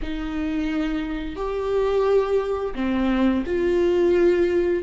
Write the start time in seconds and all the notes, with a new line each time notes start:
0.02 D#4
1.36 G4
2.75 C4
3.45 F4